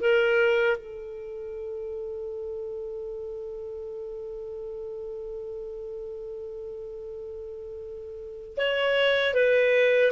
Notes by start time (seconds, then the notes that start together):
0.00 A#4
0.77 A4
8.57 C#5
9.34 B4